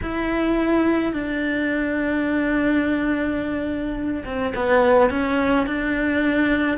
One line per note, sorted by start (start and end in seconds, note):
0.02 1.12 E4
1.12 4.23 D4
4.25 4.53 C4
4.55 5.09 B3
5.09 5.66 C#4
5.66 6.77 D4